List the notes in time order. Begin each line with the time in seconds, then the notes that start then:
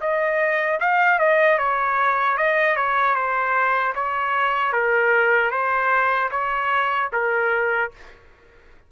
0.00 D#5
0.80 F5
1.18 D#5
1.58 C#5
2.37 D#5
2.76 C#5
3.15 C5
3.95 C#5
4.72 A#4
5.50 C5
6.31 C#5
7.12 A#4